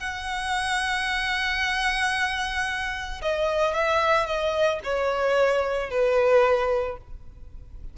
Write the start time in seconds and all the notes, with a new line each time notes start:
0.00 F#5
3.22 D#5
3.74 E5
4.26 D#5
4.84 C#5
5.91 B4